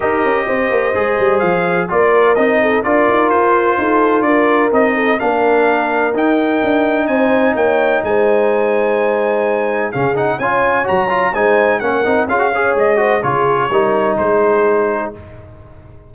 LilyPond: <<
  \new Staff \with { instrumentName = "trumpet" } { \time 4/4 \tempo 4 = 127 dis''2. f''4 | d''4 dis''4 d''4 c''4~ | c''4 d''4 dis''4 f''4~ | f''4 g''2 gis''4 |
g''4 gis''2.~ | gis''4 f''8 fis''8 gis''4 ais''4 | gis''4 fis''4 f''4 dis''4 | cis''2 c''2 | }
  \new Staff \with { instrumentName = "horn" } { \time 4/4 ais'4 c''2. | ais'4. a'8 ais'2 | a'4 ais'4. a'8 ais'4~ | ais'2. c''4 |
cis''4 c''2.~ | c''4 gis'4 cis''2 | c''4 ais'4 gis'8 cis''4 c''8 | gis'4 ais'4 gis'2 | }
  \new Staff \with { instrumentName = "trombone" } { \time 4/4 g'2 gis'2 | f'4 dis'4 f'2~ | f'2 dis'4 d'4~ | d'4 dis'2.~ |
dis'1~ | dis'4 cis'8 dis'8 f'4 fis'8 f'8 | dis'4 cis'8 dis'8 f'16 fis'16 gis'4 fis'8 | f'4 dis'2. | }
  \new Staff \with { instrumentName = "tuba" } { \time 4/4 dis'8 cis'8 c'8 ais8 gis8 g8 f4 | ais4 c'4 d'8 dis'8 f'4 | dis'4 d'4 c'4 ais4~ | ais4 dis'4 d'4 c'4 |
ais4 gis2.~ | gis4 cis4 cis'4 fis4 | gis4 ais8 c'8 cis'4 gis4 | cis4 g4 gis2 | }
>>